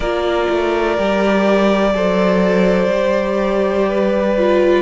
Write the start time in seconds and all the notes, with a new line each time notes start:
0.00 A#3 F4 A#4 D5
0.49 A3
0.97 G3 G4
1.94 F#3 A4 C5
2.87 G3 G4
3.89 B4
4.37 F4